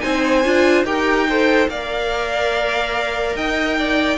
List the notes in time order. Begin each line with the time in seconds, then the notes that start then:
0.00 C4 D#4 C5 G#5
0.45 D4 F4
0.84 D#4 G4 A#4 G5
1.29 A4 C5
1.68 A#3 A#4 D5 F5
3.35 D#4 D#5 G5
3.78 D5